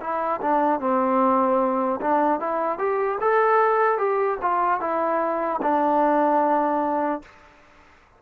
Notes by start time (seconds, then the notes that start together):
0.00 E4
0.41 D4
0.80 C4
2.00 D4
2.40 E4
2.78 G4
3.20 A4
3.97 G4
4.41 F4
4.80 E4
5.61 D4